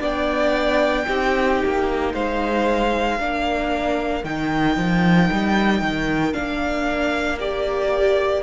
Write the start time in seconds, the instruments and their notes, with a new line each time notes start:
0.00 cello B3, viola D4, violin D5 G5
1.08 cello C4, viola D#4, violin G4
1.65 cello A#3
2.14 cello G#3, violin C5 F5
3.18 cello A#3, viola D4, violin A#4
4.24 cello D#3, viola D#4, violin G5
4.77 cello F3
5.32 cello G3
5.82 cello D#3
6.32 cello A#3, viola D4, violin F5
7.39 viola G4, violin D5